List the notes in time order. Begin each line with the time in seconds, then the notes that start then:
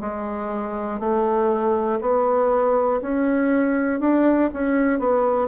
0.00 G#3
0.99 A3
2.00 B3
3.01 C#4
4.00 D4
4.53 C#4
4.99 B3